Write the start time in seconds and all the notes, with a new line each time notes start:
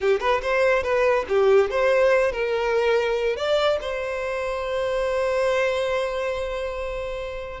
0.00 G4
0.20 B4
0.42 C5
0.83 B4
1.28 G4
1.70 C5
2.31 A#4
3.36 D5
3.81 C5